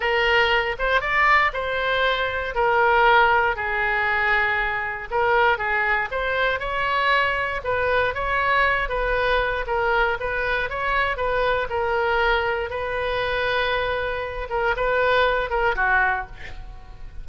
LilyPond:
\new Staff \with { instrumentName = "oboe" } { \time 4/4 \tempo 4 = 118 ais'4. c''8 d''4 c''4~ | c''4 ais'2 gis'4~ | gis'2 ais'4 gis'4 | c''4 cis''2 b'4 |
cis''4. b'4. ais'4 | b'4 cis''4 b'4 ais'4~ | ais'4 b'2.~ | b'8 ais'8 b'4. ais'8 fis'4 | }